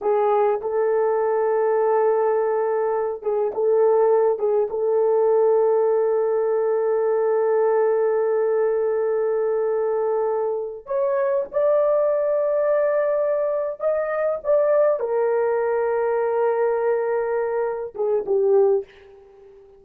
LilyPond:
\new Staff \with { instrumentName = "horn" } { \time 4/4 \tempo 4 = 102 gis'4 a'2.~ | a'4. gis'8 a'4. gis'8 | a'1~ | a'1~ |
a'2~ a'8 cis''4 d''8~ | d''2.~ d''8 dis''8~ | dis''8 d''4 ais'2~ ais'8~ | ais'2~ ais'8 gis'8 g'4 | }